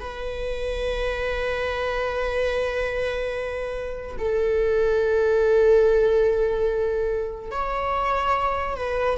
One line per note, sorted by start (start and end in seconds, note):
0.00 4.17 B4
4.18 7.51 A4
7.51 8.76 C#5
8.77 9.17 B4